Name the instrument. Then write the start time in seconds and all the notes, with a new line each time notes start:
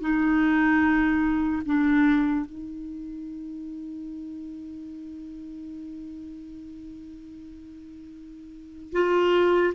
clarinet
0.00 D#4
1.65 D4
2.45 D#4
8.92 F4